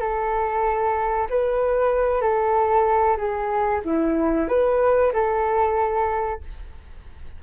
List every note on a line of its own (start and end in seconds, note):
0.00 1.28 A4
1.29 2.21 B4
2.21 3.17 A4
3.17 3.81 G#4
3.84 4.48 E4
4.48 5.12 B4
5.13 6.40 A4